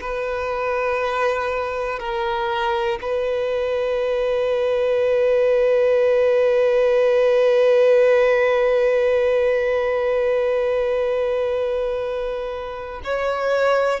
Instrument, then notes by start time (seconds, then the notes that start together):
violin
0.00 B4
1.99 A#4
3.01 B4
13.04 C#5